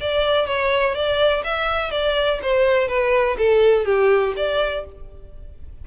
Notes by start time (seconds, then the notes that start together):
0.00 D5
0.47 C#5
0.94 D5
1.44 E5
1.91 D5
2.42 C5
2.88 B4
3.38 A4
3.85 G4
4.36 D5